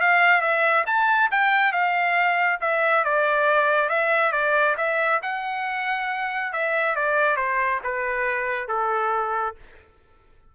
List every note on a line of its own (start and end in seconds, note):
0.00 0.41 F5
0.41 0.84 E5
0.86 1.30 A5
1.31 1.72 G5
1.72 2.59 F5
2.60 3.04 E5
3.04 3.89 D5
3.89 4.32 E5
4.32 4.75 D5
4.77 5.20 E5
5.22 6.52 F#5
6.52 6.95 E5
6.95 7.36 D5
7.36 7.80 C5
7.83 8.68 B4
8.68 9.55 A4